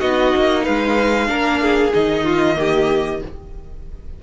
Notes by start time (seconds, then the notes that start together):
0.00 B3 D#4 F#4 D#5
0.36 A#3
0.63 G#3 B4 F5
1.26 A#3 D4 A#4
1.62 G#4
1.93 D#3 D#4 D#5
2.24 F4
2.55 A#3 G4